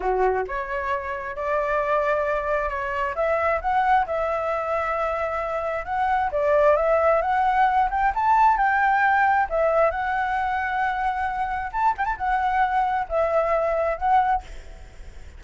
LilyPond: \new Staff \with { instrumentName = "flute" } { \time 4/4 \tempo 4 = 133 fis'4 cis''2 d''4~ | d''2 cis''4 e''4 | fis''4 e''2.~ | e''4 fis''4 d''4 e''4 |
fis''4. g''8 a''4 g''4~ | g''4 e''4 fis''2~ | fis''2 a''8 g''16 a''16 fis''4~ | fis''4 e''2 fis''4 | }